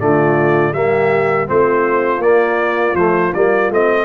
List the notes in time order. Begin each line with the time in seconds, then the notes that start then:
0.00 D3 A3 F4 D5
0.73 G3 A#3 G4 E5
1.47 A3 C4 F4 C5
2.19 A#3 D5
2.95 F3 A3 C5
3.34 G3 A#3 D5
3.70 A3 C4 D#5